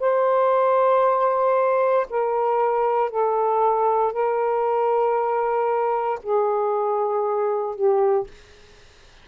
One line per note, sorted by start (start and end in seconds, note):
0.00 2.07 C5
2.10 3.10 A#4
3.10 4.13 A4
4.13 6.20 A#4
6.23 7.76 G#4
7.76 8.28 G4